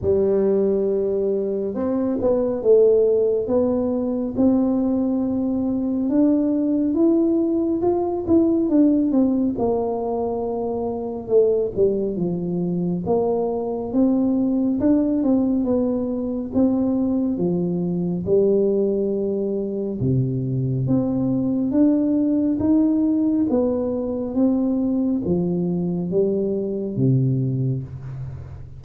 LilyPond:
\new Staff \with { instrumentName = "tuba" } { \time 4/4 \tempo 4 = 69 g2 c'8 b8 a4 | b4 c'2 d'4 | e'4 f'8 e'8 d'8 c'8 ais4~ | ais4 a8 g8 f4 ais4 |
c'4 d'8 c'8 b4 c'4 | f4 g2 c4 | c'4 d'4 dis'4 b4 | c'4 f4 g4 c4 | }